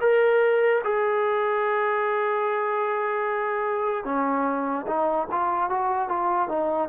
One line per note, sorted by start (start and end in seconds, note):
0.00 0.81 A#4
0.83 4.04 G#4
4.04 4.85 C#4
4.86 5.27 D#4
5.31 5.69 F4
5.69 6.08 F#4
6.08 6.48 F4
6.48 6.89 D#4